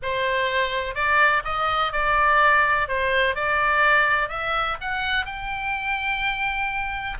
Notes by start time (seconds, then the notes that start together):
0.02 C5
0.94 D5
1.44 D#5
1.92 D5
2.88 C5
3.35 D5
4.28 E5
4.80 F#5
5.25 G5